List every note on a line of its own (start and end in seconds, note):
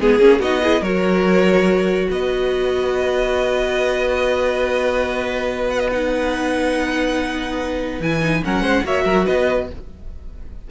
0.00 0.19 G#3
0.00 0.20 B3
0.00 0.40 G#4
0.00 0.42 G#4
0.19 0.40 A#3
0.19 0.41 C#4
0.40 0.82 B3
0.40 0.62 D#4
0.40 0.61 F#4
0.40 0.83 D#5
0.62 0.84 E4
0.62 0.81 G#4
0.81 2.08 F#3
0.81 5.91 F#4
0.81 2.08 A#4
0.81 2.10 C#5
2.11 8.00 B3
2.11 8.44 B4
2.11 5.70 D#5
5.70 5.80 F#5
5.80 5.90 D#5
5.91 8.01 D#4
5.91 8.02 F#5
8.00 8.42 E3
8.00 8.22 E4
8.00 8.44 G#5
8.22 8.43 D#4
8.44 8.61 F#3
8.44 8.85 C#4
8.44 8.62 A#4
8.44 8.87 F#5
8.61 8.82 G#3
8.61 8.83 C5
8.84 9.05 A#3
8.84 9.69 F#4
8.84 9.05 C#5
8.84 9.27 E5
9.05 9.27 F#3
9.05 9.26 A#4
9.26 9.71 B3
9.26 9.68 B4
9.26 9.69 D#5